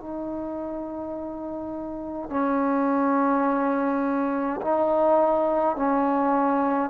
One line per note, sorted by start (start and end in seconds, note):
0.00 2.30 D#4
2.30 4.60 C#4
4.61 5.76 D#4
5.76 6.90 C#4